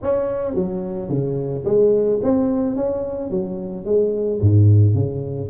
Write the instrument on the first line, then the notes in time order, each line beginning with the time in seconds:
tuba
0.02 C#4
0.54 F#3
1.09 C#3
1.65 G#3
2.23 C4
2.75 C#4
3.30 F#3
3.85 G#3
4.40 G#2
4.94 C#3